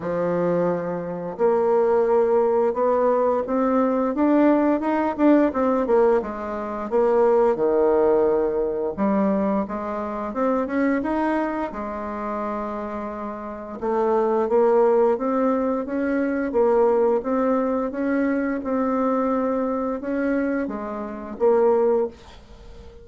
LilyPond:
\new Staff \with { instrumentName = "bassoon" } { \time 4/4 \tempo 4 = 87 f2 ais2 | b4 c'4 d'4 dis'8 d'8 | c'8 ais8 gis4 ais4 dis4~ | dis4 g4 gis4 c'8 cis'8 |
dis'4 gis2. | a4 ais4 c'4 cis'4 | ais4 c'4 cis'4 c'4~ | c'4 cis'4 gis4 ais4 | }